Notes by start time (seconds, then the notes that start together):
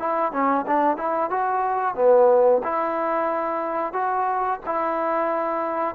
0.00 E4
0.32 C#4
0.67 D4
0.98 E4
1.31 F#4
1.95 B3
2.64 E4
3.94 F#4
4.66 E4